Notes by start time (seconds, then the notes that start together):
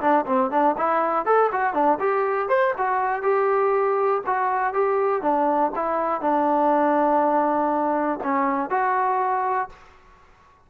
0.00 D4
0.26 C4
0.51 D4
0.78 E4
1.26 A4
1.52 F#4
1.73 D4
1.99 G4
2.49 C5
2.77 F#4
3.22 G4
4.26 F#4
4.74 G4
5.22 D4
5.75 E4
6.21 D4
8.23 C#4
8.70 F#4